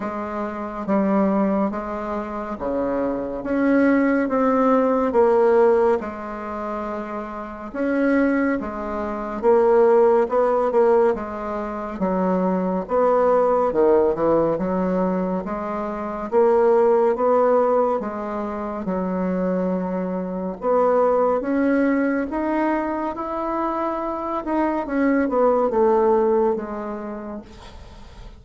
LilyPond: \new Staff \with { instrumentName = "bassoon" } { \time 4/4 \tempo 4 = 70 gis4 g4 gis4 cis4 | cis'4 c'4 ais4 gis4~ | gis4 cis'4 gis4 ais4 | b8 ais8 gis4 fis4 b4 |
dis8 e8 fis4 gis4 ais4 | b4 gis4 fis2 | b4 cis'4 dis'4 e'4~ | e'8 dis'8 cis'8 b8 a4 gis4 | }